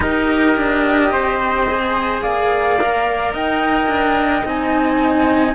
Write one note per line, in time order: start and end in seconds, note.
0.00 0.56 D#4
0.00 1.66 G4
0.00 1.12 A#4
0.00 2.20 D#5
0.56 1.10 D4
1.10 2.22 C4
1.10 2.22 C5
1.67 2.78 G#4
2.22 3.33 A#3
2.22 3.33 D5
2.22 3.33 F5
2.81 4.44 A#4
3.33 3.87 D#4
3.33 5.55 D#5
3.33 4.45 G5
3.87 4.42 D4
4.44 5.55 C4
4.44 5.55 D#4
4.44 5.55 G#5